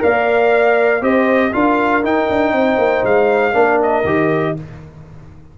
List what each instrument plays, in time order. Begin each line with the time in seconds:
0.00 tuba A#3, trombone A#4, horn D5, trumpet F5
1.02 tuba C4, trombone G4, horn C5, trumpet D#5
1.53 tuba D4, trombone F4, horn A#4, trumpet F5
2.04 trombone D#4, tuba D#4, trumpet G5
2.30 tuba D4
2.53 tuba C4, horn C5
2.78 tuba A#3
3.04 tuba G#3, trumpet F5
3.53 tuba A#3, trombone D4, horn A#4
3.83 trumpet D#5
4.05 tuba D#3, trombone G4